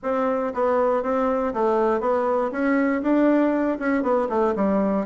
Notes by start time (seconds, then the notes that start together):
0.02 C4
0.54 B3
1.02 C4
1.53 A3
2.00 B3
2.51 C#4
3.02 D4
3.79 C#4
4.02 B3
4.29 A3
4.55 G3